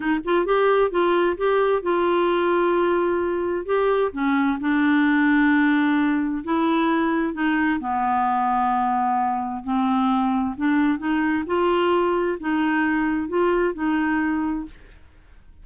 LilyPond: \new Staff \with { instrumentName = "clarinet" } { \time 4/4 \tempo 4 = 131 dis'8 f'8 g'4 f'4 g'4 | f'1 | g'4 cis'4 d'2~ | d'2 e'2 |
dis'4 b2.~ | b4 c'2 d'4 | dis'4 f'2 dis'4~ | dis'4 f'4 dis'2 | }